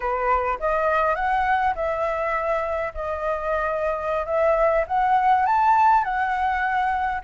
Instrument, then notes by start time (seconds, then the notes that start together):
flute
0.00 B4
0.59 D#5
1.15 F#5
1.75 E5
2.94 D#5
4.25 E5
4.87 F#5
5.46 A5
6.03 F#5